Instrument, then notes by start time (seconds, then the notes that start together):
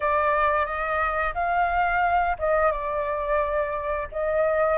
flute
0.00 D5
0.65 D#5
1.34 F5
2.38 D#5
2.71 D5
4.11 D#5